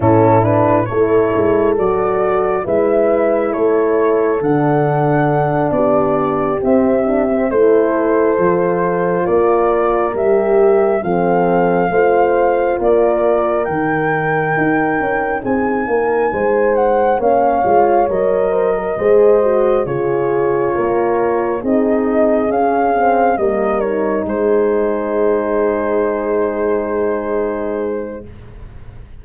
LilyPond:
<<
  \new Staff \with { instrumentName = "flute" } { \time 4/4 \tempo 4 = 68 a'8 b'8 cis''4 d''4 e''4 | cis''4 fis''4. d''4 e''8~ | e''8 c''2 d''4 e''8~ | e''8 f''2 d''4 g''8~ |
g''4. gis''4. fis''8 f''8~ | f''8 dis''2 cis''4.~ | cis''8 dis''4 f''4 dis''8 cis''8 c''8~ | c''1 | }
  \new Staff \with { instrumentName = "horn" } { \time 4/4 e'4 a'2 b'4 | a'2~ a'8 g'4.~ | g'8 a'2 ais'4.~ | ais'8 a'4 c''4 ais'4.~ |
ais'4. gis'8 ais'8 c''4 cis''8~ | cis''4 c''16 ais'16 c''4 gis'4 ais'8~ | ais'8 gis'2 ais'4 gis'8~ | gis'1 | }
  \new Staff \with { instrumentName = "horn" } { \time 4/4 cis'8 d'8 e'4 fis'4 e'4~ | e'4 d'2~ d'8 c'8 | d'16 c'16 e'4 f'2 g'8~ | g'8 c'4 f'2 dis'8~ |
dis'2.~ dis'8 cis'8 | f'8 ais'4 gis'8 fis'8 f'4.~ | f'8 dis'4 cis'8 c'8 ais8 dis'4~ | dis'1 | }
  \new Staff \with { instrumentName = "tuba" } { \time 4/4 a,4 a8 gis8 fis4 gis4 | a4 d4. b4 c'8~ | c'8 a4 f4 ais4 g8~ | g8 f4 a4 ais4 dis8~ |
dis8 dis'8 cis'8 c'8 ais8 gis4 ais8 | gis8 fis4 gis4 cis4 ais8~ | ais8 c'4 cis'4 g4 gis8~ | gis1 | }
>>